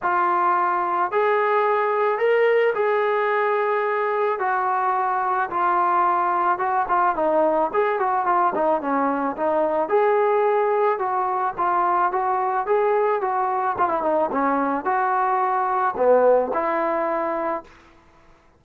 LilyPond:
\new Staff \with { instrumentName = "trombone" } { \time 4/4 \tempo 4 = 109 f'2 gis'2 | ais'4 gis'2. | fis'2 f'2 | fis'8 f'8 dis'4 gis'8 fis'8 f'8 dis'8 |
cis'4 dis'4 gis'2 | fis'4 f'4 fis'4 gis'4 | fis'4 f'16 e'16 dis'8 cis'4 fis'4~ | fis'4 b4 e'2 | }